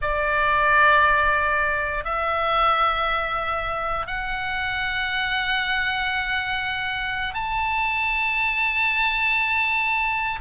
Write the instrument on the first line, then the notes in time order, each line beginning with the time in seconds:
oboe
0.01 D5
2.04 E5
4.07 F#5
7.34 A5